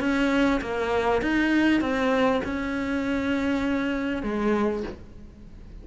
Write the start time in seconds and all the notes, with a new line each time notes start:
0.00 C#4
0.61 A#3
1.22 D#4
1.81 C4
2.44 C#4
4.23 G#3